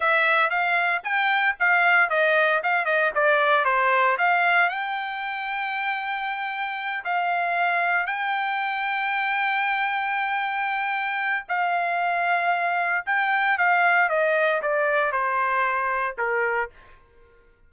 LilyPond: \new Staff \with { instrumentName = "trumpet" } { \time 4/4 \tempo 4 = 115 e''4 f''4 g''4 f''4 | dis''4 f''8 dis''8 d''4 c''4 | f''4 g''2.~ | g''4. f''2 g''8~ |
g''1~ | g''2 f''2~ | f''4 g''4 f''4 dis''4 | d''4 c''2 ais'4 | }